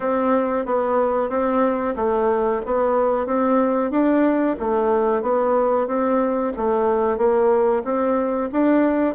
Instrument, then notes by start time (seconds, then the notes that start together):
bassoon
0.00 C4
0.65 B3
1.29 C4
1.96 A3
2.65 B3
3.26 C4
3.90 D4
4.59 A3
5.22 B3
5.87 C4
6.56 A3
7.17 A#3
7.84 C4
8.52 D4